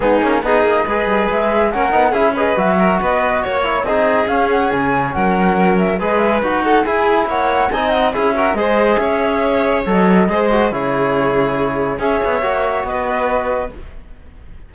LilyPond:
<<
  \new Staff \with { instrumentName = "flute" } { \time 4/4 \tempo 4 = 140 gis'4 dis''2 e''4 | fis''4 e''8 dis''8 e''4 dis''4 | cis''4 dis''4 f''8 fis''8 gis''4 | fis''4. e''8 dis''8 e''8 fis''4 |
gis''4 fis''4 gis''8 fis''8 e''4 | dis''4 e''2 dis''4~ | dis''4 cis''2. | e''2 dis''2 | }
  \new Staff \with { instrumentName = "violin" } { \time 4/4 dis'4 gis'4 b'2 | ais'4 gis'8 b'4 ais'8 b'4 | cis''4 gis'2. | ais'2 b'4. a'8 |
gis'4 cis''4 dis''4 gis'8 ais'8 | c''4 cis''2. | c''4 gis'2. | cis''2 b'2 | }
  \new Staff \with { instrumentName = "trombone" } { \time 4/4 b8 cis'8 dis'4 gis'2 | cis'8 dis'8 e'8 gis'8 fis'2~ | fis'8 e'8 dis'4 cis'2~ | cis'2 gis'4 fis'4 |
e'2 dis'4 e'8 fis'8 | gis'2. a'4 | gis'8 fis'8 e'2. | gis'4 fis'2. | }
  \new Staff \with { instrumentName = "cello" } { \time 4/4 gis8 ais8 b8 ais8 gis8 g8 gis4 | ais8 b8 cis'4 fis4 b4 | ais4 c'4 cis'4 cis4 | fis2 gis4 dis'4 |
e'4 ais4 c'4 cis'4 | gis4 cis'2 fis4 | gis4 cis2. | cis'8 b8 ais4 b2 | }
>>